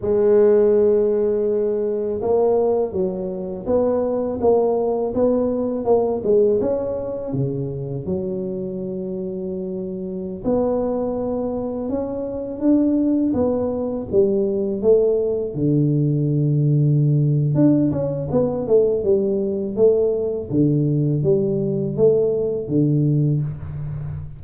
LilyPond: \new Staff \with { instrumentName = "tuba" } { \time 4/4 \tempo 4 = 82 gis2. ais4 | fis4 b4 ais4 b4 | ais8 gis8 cis'4 cis4 fis4~ | fis2~ fis16 b4.~ b16~ |
b16 cis'4 d'4 b4 g8.~ | g16 a4 d2~ d8. | d'8 cis'8 b8 a8 g4 a4 | d4 g4 a4 d4 | }